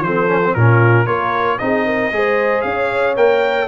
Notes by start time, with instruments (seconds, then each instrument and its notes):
0.00 tuba F3, trombone C4, horn A4, trumpet C5
0.28 trombone C#4
0.44 trombone C4
0.54 tuba A#2, trombone C#4, horn F4, trumpet A#4
1.06 tuba A#3, trombone F4, horn A#4, trumpet C#5
1.58 tuba C4, trombone D#4, horn G#4, trumpet D#5
1.85 horn A#4
2.11 tuba G#3, trombone G#4, horn C5
2.62 tuba C#4, trumpet F5
2.68 horn C#5
3.16 tuba A#3, trombone A#4, trumpet G5